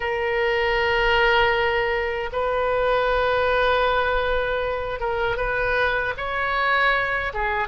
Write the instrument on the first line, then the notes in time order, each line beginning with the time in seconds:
oboe
0.00 A#4
2.32 B4
5.00 A#4
5.36 B4
6.17 C#5
7.33 G#4